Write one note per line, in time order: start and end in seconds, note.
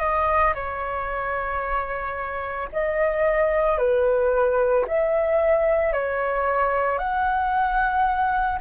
0.00 0.54 D#5
0.55 2.69 C#5
2.73 3.78 D#5
3.78 4.86 B4
4.87 5.93 E5
5.93 6.98 C#5
6.98 8.59 F#5